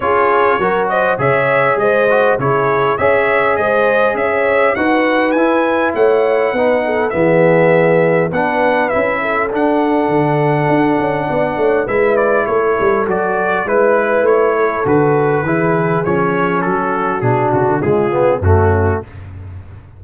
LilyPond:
<<
  \new Staff \with { instrumentName = "trumpet" } { \time 4/4 \tempo 4 = 101 cis''4. dis''8 e''4 dis''4 | cis''4 e''4 dis''4 e''4 | fis''4 gis''4 fis''2 | e''2 fis''4 e''4 |
fis''1 | e''8 d''8 cis''4 d''4 b'4 | cis''4 b'2 cis''4 | a'4 gis'8 fis'8 gis'4 fis'4 | }
  \new Staff \with { instrumentName = "horn" } { \time 4/4 gis'4 ais'8 c''8 cis''4 c''4 | gis'4 cis''4 c''4 cis''4 | b'2 cis''4 b'8 a'8 | gis'2 b'4. a'8~ |
a'2. d''8 cis''8 | b'4 a'2 b'4~ | b'8 a'4. gis'2 | fis'2 f'4 cis'4 | }
  \new Staff \with { instrumentName = "trombone" } { \time 4/4 f'4 fis'4 gis'4. fis'8 | e'4 gis'2. | fis'4 e'2 dis'4 | b2 d'4 e'4 |
d'1 | e'2 fis'4 e'4~ | e'4 fis'4 e'4 cis'4~ | cis'4 d'4 gis8 b8 a4 | }
  \new Staff \with { instrumentName = "tuba" } { \time 4/4 cis'4 fis4 cis4 gis4 | cis4 cis'4 gis4 cis'4 | dis'4 e'4 a4 b4 | e2 b4 cis'4 |
d'4 d4 d'8 cis'8 b8 a8 | gis4 a8 g8 fis4 gis4 | a4 d4 e4 f4 | fis4 b,8 cis16 d16 cis4 fis,4 | }
>>